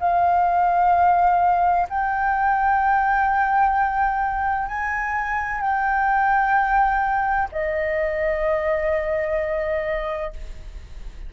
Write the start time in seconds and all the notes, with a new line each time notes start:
0.00 F5
1.89 G5
4.67 G#5
5.61 G5
7.52 D#5